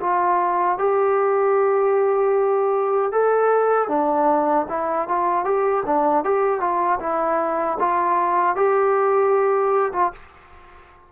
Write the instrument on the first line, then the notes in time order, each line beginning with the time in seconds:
trombone
0.00 F4
0.78 G4
3.11 A4
3.88 D4
4.69 E4
5.08 F4
5.44 G4
5.86 D4
6.24 G4
6.60 F4
7.00 E4
7.79 F4
8.55 G4
9.92 F4